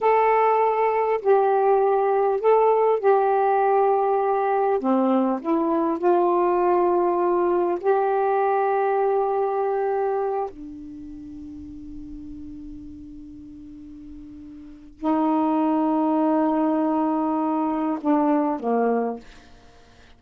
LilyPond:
\new Staff \with { instrumentName = "saxophone" } { \time 4/4 \tempo 4 = 100 a'2 g'2 | a'4 g'2. | c'4 e'4 f'2~ | f'4 g'2.~ |
g'4. d'2~ d'8~ | d'1~ | d'4 dis'2.~ | dis'2 d'4 ais4 | }